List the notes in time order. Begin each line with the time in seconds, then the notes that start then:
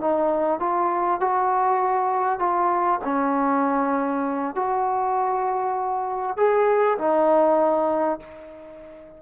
0.00 D#4
0.59 F4
1.20 F#4
2.39 F4
3.04 C#4
4.55 F#4
6.36 G#4
6.98 D#4